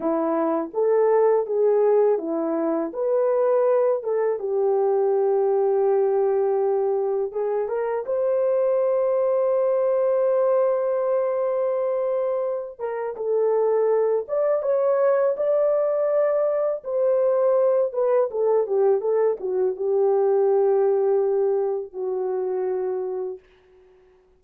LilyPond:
\new Staff \with { instrumentName = "horn" } { \time 4/4 \tempo 4 = 82 e'4 a'4 gis'4 e'4 | b'4. a'8 g'2~ | g'2 gis'8 ais'8 c''4~ | c''1~ |
c''4. ais'8 a'4. d''8 | cis''4 d''2 c''4~ | c''8 b'8 a'8 g'8 a'8 fis'8 g'4~ | g'2 fis'2 | }